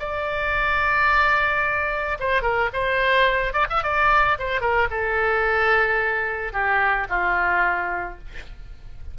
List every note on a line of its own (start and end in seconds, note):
0.00 2.18 D5
2.20 2.42 C5
2.42 2.70 A#4
2.73 3.54 C5
3.54 3.67 D5
3.70 3.84 E5
3.84 4.38 D5
4.39 4.61 C5
4.61 4.88 A#4
4.91 6.53 A4
6.53 7.08 G4
7.10 8.19 F4